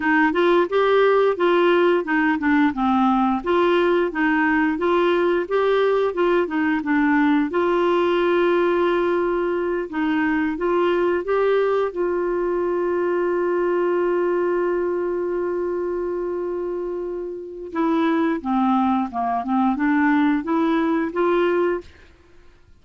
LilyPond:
\new Staff \with { instrumentName = "clarinet" } { \time 4/4 \tempo 4 = 88 dis'8 f'8 g'4 f'4 dis'8 d'8 | c'4 f'4 dis'4 f'4 | g'4 f'8 dis'8 d'4 f'4~ | f'2~ f'8 dis'4 f'8~ |
f'8 g'4 f'2~ f'8~ | f'1~ | f'2 e'4 c'4 | ais8 c'8 d'4 e'4 f'4 | }